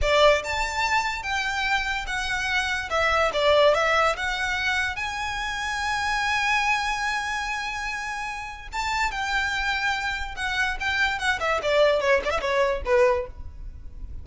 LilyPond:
\new Staff \with { instrumentName = "violin" } { \time 4/4 \tempo 4 = 145 d''4 a''2 g''4~ | g''4 fis''2 e''4 | d''4 e''4 fis''2 | gis''1~ |
gis''1~ | gis''4 a''4 g''2~ | g''4 fis''4 g''4 fis''8 e''8 | d''4 cis''8 d''16 e''16 cis''4 b'4 | }